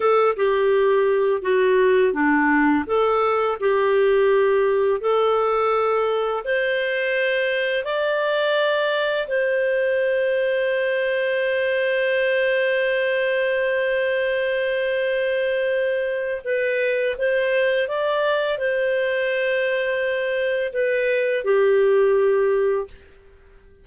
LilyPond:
\new Staff \with { instrumentName = "clarinet" } { \time 4/4 \tempo 4 = 84 a'8 g'4. fis'4 d'4 | a'4 g'2 a'4~ | a'4 c''2 d''4~ | d''4 c''2.~ |
c''1~ | c''2. b'4 | c''4 d''4 c''2~ | c''4 b'4 g'2 | }